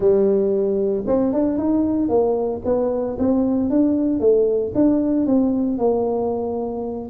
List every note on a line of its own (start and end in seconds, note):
0.00 1.04 G3
1.06 1.33 C4
1.33 1.58 D4
1.58 2.08 D#4
2.08 2.61 A#3
2.65 3.17 B3
3.18 3.70 C4
3.70 4.20 D4
4.20 4.72 A3
4.75 5.26 D4
5.26 5.78 C4
5.78 7.09 A#3